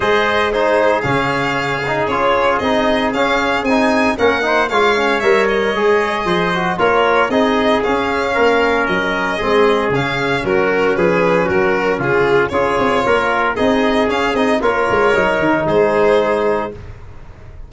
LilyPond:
<<
  \new Staff \with { instrumentName = "violin" } { \time 4/4 \tempo 4 = 115 dis''4 c''4 f''2 | cis''4 dis''4 f''4 gis''4 | fis''4 f''4 e''8 dis''4.~ | dis''4 cis''4 dis''4 f''4~ |
f''4 dis''2 f''4 | ais'4 b'4 ais'4 gis'4 | cis''2 dis''4 f''8 dis''8 | cis''2 c''2 | }
  \new Staff \with { instrumentName = "trumpet" } { \time 4/4 c''4 gis'2.~ | gis'1 | ais'8 c''8 cis''2. | c''4 ais'4 gis'2 |
ais'2 gis'2 | fis'4 gis'4 fis'4 f'4 | gis'4 ais'4 gis'2 | ais'2 gis'2 | }
  \new Staff \with { instrumentName = "trombone" } { \time 4/4 gis'4 dis'4 cis'4. dis'8 | f'4 dis'4 cis'4 dis'4 | cis'8 dis'8 f'8 cis'8 ais'4 gis'4~ | gis'8 fis'8 f'4 dis'4 cis'4~ |
cis'2 c'4 cis'4~ | cis'1 | f'2 dis'4 cis'8 dis'8 | f'4 dis'2. | }
  \new Staff \with { instrumentName = "tuba" } { \time 4/4 gis2 cis2 | cis'4 c'4 cis'4 c'4 | ais4 gis4 g4 gis4 | f4 ais4 c'4 cis'4 |
ais4 fis4 gis4 cis4 | fis4 f4 fis4 cis4 | cis'8 c'8 ais4 c'4 cis'8 c'8 | ais8 gis8 fis8 dis8 gis2 | }
>>